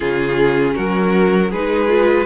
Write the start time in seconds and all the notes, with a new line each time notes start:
0.00 C#3 C#4 F4 G#4
0.75 F#3 F#4 A#4
1.50 G#3 D#4 G#4 B4
1.88 F4